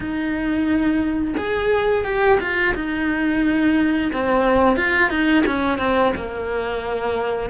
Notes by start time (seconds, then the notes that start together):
0.00 D#4
1.37 G#4
2.04 G4
2.40 F4
2.75 D#4
4.12 C4
4.76 F4
5.10 D#4
5.46 C#4
5.78 C4
6.15 A#3